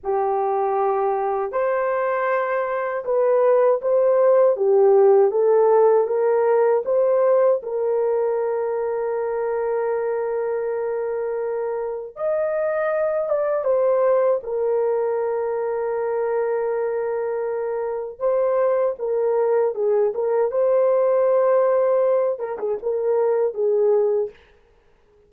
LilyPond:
\new Staff \with { instrumentName = "horn" } { \time 4/4 \tempo 4 = 79 g'2 c''2 | b'4 c''4 g'4 a'4 | ais'4 c''4 ais'2~ | ais'1 |
dis''4. d''8 c''4 ais'4~ | ais'1 | c''4 ais'4 gis'8 ais'8 c''4~ | c''4. ais'16 gis'16 ais'4 gis'4 | }